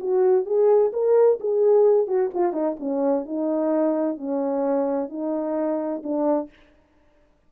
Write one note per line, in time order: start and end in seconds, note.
0.00 0.45 F#4
0.45 0.92 G#4
0.93 1.39 A#4
1.40 2.07 G#4
2.07 2.30 F#4
2.34 2.53 F4
2.53 2.76 D#4
2.79 3.26 C#4
3.26 4.17 D#4
4.17 5.09 C#4
5.09 6.02 D#4
6.03 6.50 D4